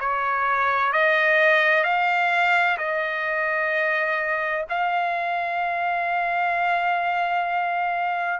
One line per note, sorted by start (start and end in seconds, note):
0.00 0.92 C#5
0.92 1.84 D#5
1.84 2.77 F5
2.78 4.65 D#5
4.69 8.39 F5